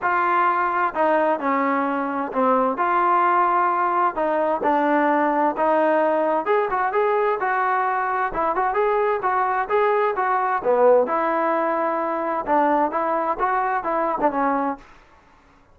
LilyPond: \new Staff \with { instrumentName = "trombone" } { \time 4/4 \tempo 4 = 130 f'2 dis'4 cis'4~ | cis'4 c'4 f'2~ | f'4 dis'4 d'2 | dis'2 gis'8 fis'8 gis'4 |
fis'2 e'8 fis'8 gis'4 | fis'4 gis'4 fis'4 b4 | e'2. d'4 | e'4 fis'4 e'8. d'16 cis'4 | }